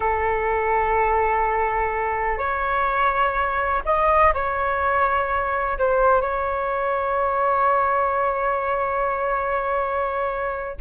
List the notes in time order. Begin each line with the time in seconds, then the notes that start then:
0.00 A4
2.38 C#5
3.85 D#5
4.34 C#5
5.78 C5
6.21 C#5